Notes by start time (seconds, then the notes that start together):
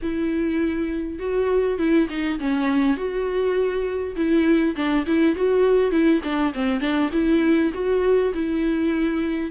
0.02 E4
1.19 F#4
1.78 E4
2.09 D#4
2.39 C#4
2.96 F#4
4.16 E4
4.76 D4
5.06 E4
5.35 F#4
5.91 E4
6.23 D4
6.53 C4
6.80 D4
7.12 E4
7.73 F#4
8.33 E4